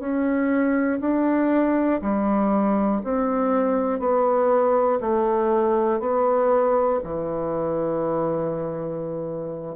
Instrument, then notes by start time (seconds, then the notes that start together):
bassoon
0.00 C#4
1.01 D4
2.02 G3
3.04 C4
4.00 B3
5.01 A3
6.00 B3
7.04 E3